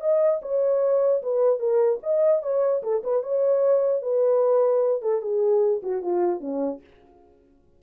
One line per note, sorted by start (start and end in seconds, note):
0.00 0.40 D#5
0.42 1.22 C#5
1.22 1.59 B4
1.59 1.99 A#4
2.03 2.42 D#5
2.42 2.82 C#5
2.83 3.03 A4
3.03 3.23 B4
3.23 4.02 C#5
4.02 5.02 B4
5.02 5.21 A4
5.21 5.81 G#4
5.83 6.02 F#4
6.02 6.40 F4
6.40 6.80 C#4